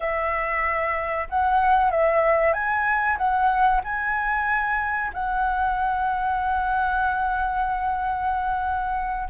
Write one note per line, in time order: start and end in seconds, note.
0.00 1.27 E5
1.29 1.91 F#5
1.91 2.53 E5
2.53 3.17 G#5
3.17 3.81 F#5
3.84 5.11 G#5
5.13 9.28 F#5